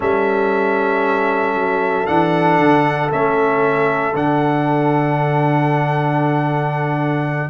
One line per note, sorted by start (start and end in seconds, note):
0.00 1.54 G3
0.00 2.06 C#4
0.00 7.47 A4
0.00 2.06 E5
1.54 2.06 F#3
2.06 2.58 E3
2.06 3.09 D4
2.06 3.09 F#5
2.58 3.10 D3
3.09 4.14 A3
3.09 4.13 C#4
3.09 4.15 E5
4.14 7.50 D3
4.14 7.50 D4
4.14 7.50 F#5